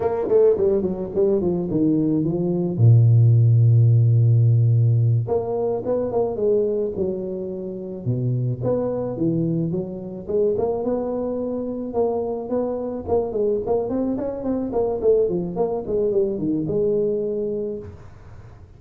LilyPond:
\new Staff \with { instrumentName = "tuba" } { \time 4/4 \tempo 4 = 108 ais8 a8 g8 fis8 g8 f8 dis4 | f4 ais,2.~ | ais,4. ais4 b8 ais8 gis8~ | gis8 fis2 b,4 b8~ |
b8 e4 fis4 gis8 ais8 b8~ | b4. ais4 b4 ais8 | gis8 ais8 c'8 cis'8 c'8 ais8 a8 f8 | ais8 gis8 g8 dis8 gis2 | }